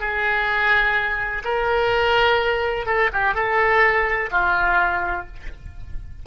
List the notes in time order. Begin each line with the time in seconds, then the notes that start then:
0.00 G#4
1.44 A#4
2.86 A4
3.13 G4
3.34 A4
4.31 F4